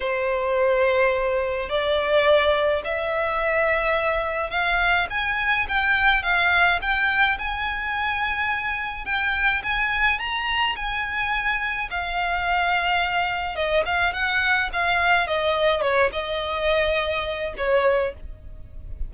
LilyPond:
\new Staff \with { instrumentName = "violin" } { \time 4/4 \tempo 4 = 106 c''2. d''4~ | d''4 e''2. | f''4 gis''4 g''4 f''4 | g''4 gis''2. |
g''4 gis''4 ais''4 gis''4~ | gis''4 f''2. | dis''8 f''8 fis''4 f''4 dis''4 | cis''8 dis''2~ dis''8 cis''4 | }